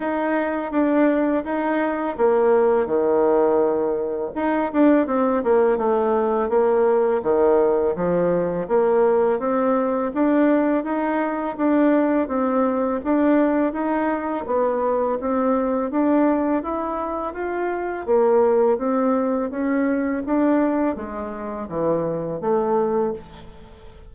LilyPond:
\new Staff \with { instrumentName = "bassoon" } { \time 4/4 \tempo 4 = 83 dis'4 d'4 dis'4 ais4 | dis2 dis'8 d'8 c'8 ais8 | a4 ais4 dis4 f4 | ais4 c'4 d'4 dis'4 |
d'4 c'4 d'4 dis'4 | b4 c'4 d'4 e'4 | f'4 ais4 c'4 cis'4 | d'4 gis4 e4 a4 | }